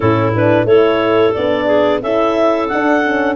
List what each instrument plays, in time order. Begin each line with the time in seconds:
0.00 tuba A2, horn C#4, clarinet E4 A4
0.35 horn D4, clarinet B4
0.64 tuba A3, horn E4, clarinet A4 C#5
1.34 tuba B3, horn D4, clarinet D5
1.66 clarinet G#4
2.01 tuba C#4, horn E4, clarinet A4 E5
2.68 horn D4, tuba D4, clarinet F#5
3.03 horn C#4